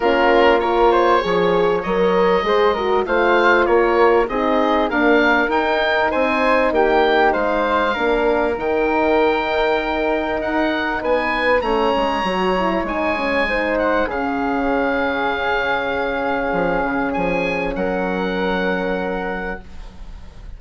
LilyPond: <<
  \new Staff \with { instrumentName = "oboe" } { \time 4/4 \tempo 4 = 98 ais'4 cis''2 dis''4~ | dis''4 f''4 cis''4 dis''4 | f''4 g''4 gis''4 g''4 | f''2 g''2~ |
g''4 fis''4 gis''4 ais''4~ | ais''4 gis''4. fis''8 f''4~ | f''1 | gis''4 fis''2. | }
  \new Staff \with { instrumentName = "flute" } { \time 4/4 f'4 ais'8 c''8 cis''2 | c''8 ais'8 c''4 ais'4 gis'4 | ais'2 c''4 g'4 | c''4 ais'2.~ |
ais'2 b'4 cis''4~ | cis''2 c''4 gis'4~ | gis'1~ | gis'4 ais'2. | }
  \new Staff \with { instrumentName = "horn" } { \time 4/4 cis'4 f'4 gis'4 ais'4 | gis'8 fis'8 f'2 dis'4 | ais4 dis'2.~ | dis'4 d'4 dis'2~ |
dis'2. cis'4 | fis'8 e'8 dis'8 cis'8 dis'4 cis'4~ | cis'1~ | cis'1 | }
  \new Staff \with { instrumentName = "bassoon" } { \time 4/4 ais2 f4 fis4 | gis4 a4 ais4 c'4 | d'4 dis'4 c'4 ais4 | gis4 ais4 dis2~ |
dis4 dis'4 b4 a8 gis8 | fis4 gis2 cis4~ | cis2. f8 cis8 | f4 fis2. | }
>>